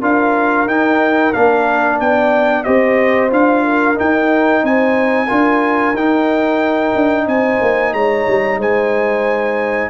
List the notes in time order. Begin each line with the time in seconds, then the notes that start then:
0.00 D4 F4 A#4 F5
0.66 D#4 G5
1.33 A#3 D4 F5
2.00 B3 D5 G5
2.64 C4 G4 C5 D#5
3.30 D4 F4 F5
3.63 A#4
3.95 D#4 G5
4.63 C4 C5 G#5
5.26 D4 F4 A#4
5.94 D#4 G5
6.95 D4
7.27 C4 C5 G#5
7.61 A#3
7.93 G#3 C#5 A#5
8.27 G3
8.57 G#3 C5 G#5